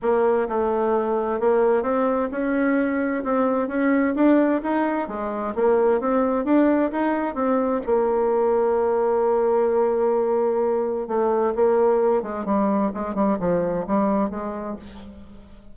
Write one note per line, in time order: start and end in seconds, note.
0.01 0.48 A#3
0.48 1.40 A3
1.40 1.83 A#3
1.83 2.29 C4
2.31 3.23 C#4
3.23 3.68 C4
3.68 4.14 C#4
4.15 4.61 D4
4.62 5.07 D#4
5.07 5.54 G#3
5.55 6.00 A#3
6.00 6.44 C4
6.44 6.91 D4
6.91 7.34 D#4
7.34 7.80 C4
7.86 11.07 A#3
11.07 11.53 A3
11.55 12.22 A#3
12.22 12.45 G#3
12.45 12.91 G3
12.94 13.15 G#3
13.15 13.38 G3
13.39 13.85 F3
13.86 14.30 G3
14.30 14.76 G#3